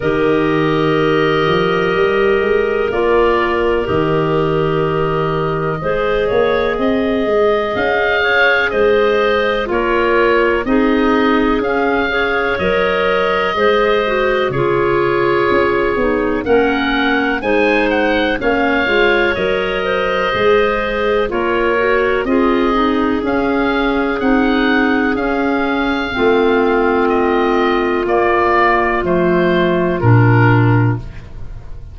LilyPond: <<
  \new Staff \with { instrumentName = "oboe" } { \time 4/4 \tempo 4 = 62 dis''2. d''4 | dis''1 | f''4 dis''4 cis''4 dis''4 | f''4 dis''2 cis''4~ |
cis''4 fis''4 gis''8 fis''8 f''4 | dis''2 cis''4 dis''4 | f''4 fis''4 f''2 | dis''4 d''4 c''4 ais'4 | }
  \new Staff \with { instrumentName = "clarinet" } { \time 4/4 ais'1~ | ais'2 c''8 cis''8 dis''4~ | dis''8 cis''8 c''4 ais'4 gis'4~ | gis'8 cis''4. c''4 gis'4~ |
gis'4 ais'4 c''4 cis''4~ | cis''8 c''4. ais'4 gis'4~ | gis'2. f'4~ | f'1 | }
  \new Staff \with { instrumentName = "clarinet" } { \time 4/4 g'2. f'4 | g'2 gis'2~ | gis'2 f'4 dis'4 | cis'8 gis'8 ais'4 gis'8 fis'8 f'4~ |
f'8 dis'8 cis'4 dis'4 cis'8 f'8 | ais'4 gis'4 f'8 fis'8 f'8 dis'8 | cis'4 dis'4 cis'4 c'4~ | c'4 ais4 a4 d'4 | }
  \new Staff \with { instrumentName = "tuba" } { \time 4/4 dis4. f8 g8 gis8 ais4 | dis2 gis8 ais8 c'8 gis8 | cis'4 gis4 ais4 c'4 | cis'4 fis4 gis4 cis4 |
cis'8 b8 ais4 gis4 ais8 gis8 | fis4 gis4 ais4 c'4 | cis'4 c'4 cis'4 a4~ | a4 ais4 f4 ais,4 | }
>>